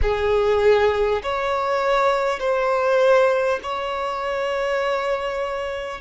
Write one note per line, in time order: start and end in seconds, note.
0.02 1.22 G#4
1.22 2.39 C#5
2.39 3.59 C5
3.63 6.01 C#5